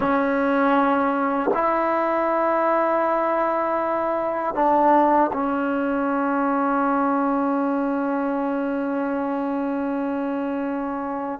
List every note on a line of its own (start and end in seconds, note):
0.00 1.50 C#4
1.54 4.55 E4
4.55 5.31 D4
5.32 11.39 C#4